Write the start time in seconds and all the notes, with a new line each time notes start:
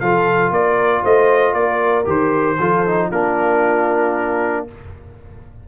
0.00 F3 F4 A4 F5
0.50 A#3 A#4 D5
1.02 A3 C5 D#5
1.53 A#3 A#4 D5
2.04 D#3 G4 C5
2.58 F3 F4 A4
2.86 D#4
3.08 A#3 D4 F4 A#4